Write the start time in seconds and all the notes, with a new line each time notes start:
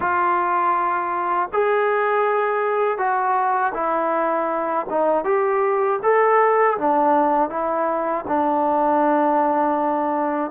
0.00 F4
1.52 G#4
2.98 F#4
3.74 E4
4.90 D#4
5.24 G4
6.02 A4
6.77 D4
7.49 E4
8.27 D4